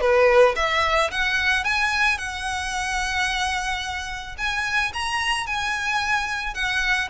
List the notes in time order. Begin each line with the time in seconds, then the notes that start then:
0.00 B4
0.56 E5
1.11 F#5
1.64 G#5
2.17 F#5
4.37 G#5
4.93 A#5
5.46 G#5
6.54 F#5